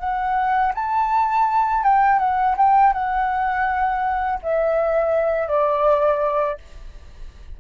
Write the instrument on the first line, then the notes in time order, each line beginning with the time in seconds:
flute
0.00 F#5
0.75 A5
1.84 G5
2.19 F#5
2.57 G5
2.93 F#5
4.43 E5
5.48 D5